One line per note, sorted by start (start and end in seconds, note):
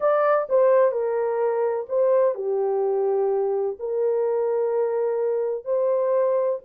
0.00 0.47 D5
0.49 0.91 C5
0.91 1.86 A#4
1.89 2.35 C5
2.35 3.76 G4
3.79 5.64 A#4
5.64 6.59 C5